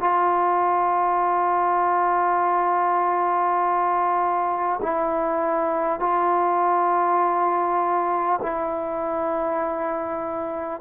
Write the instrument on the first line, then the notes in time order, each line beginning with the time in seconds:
trombone
0.00 F4
4.82 E4
5.99 F4
8.42 E4